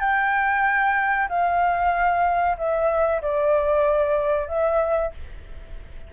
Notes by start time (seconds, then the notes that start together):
0.00 G5
1.29 F5
2.58 E5
3.21 D5
4.48 E5